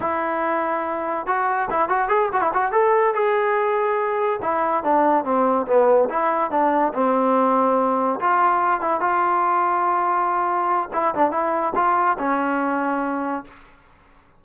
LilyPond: \new Staff \with { instrumentName = "trombone" } { \time 4/4 \tempo 4 = 143 e'2. fis'4 | e'8 fis'8 gis'8 fis'16 e'16 fis'8 a'4 gis'8~ | gis'2~ gis'8 e'4 d'8~ | d'8 c'4 b4 e'4 d'8~ |
d'8 c'2. f'8~ | f'4 e'8 f'2~ f'8~ | f'2 e'8 d'8 e'4 | f'4 cis'2. | }